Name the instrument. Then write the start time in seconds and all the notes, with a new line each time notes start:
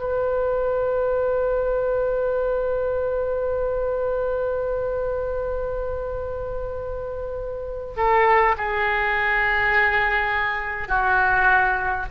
oboe
0.00 B4
7.97 A4
8.57 G#4
10.88 F#4